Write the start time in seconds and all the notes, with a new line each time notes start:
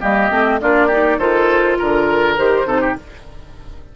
0.00 G3 A#3 G4 D#5
0.30 A3 C4
0.61 A#3 D4 F4 D5
0.87 D#4 G4
1.18 D#3 F4 A4 C5
1.79 D3 A#4
2.37 D#3 G4 C5
2.65 C3 D#4 A4
2.81 G4